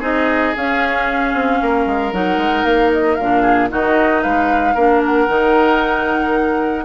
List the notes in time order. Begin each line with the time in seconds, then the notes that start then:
0.00 C4 D#4 G#4 D#5
0.57 C#4 F5
1.33 C4
1.62 A#3 A#4
1.86 G#3
2.12 F#3 D#4 F#5
2.37 G#3
2.64 A#3 F5
2.92 D#5
3.15 A#2 F5
3.21 D4
3.42 G#4
3.70 D#3 D#4 F#4 D#5
4.22 G#3 B4 F5
4.74 A#3 D4 A#4
5.05 F#5
5.28 D#3 D#4